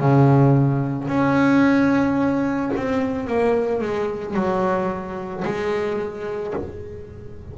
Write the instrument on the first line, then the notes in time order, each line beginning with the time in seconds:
double bass
0.00 C#3
1.08 C#4
2.76 C4
3.27 A#3
3.81 G#3
4.34 F#3
5.45 G#3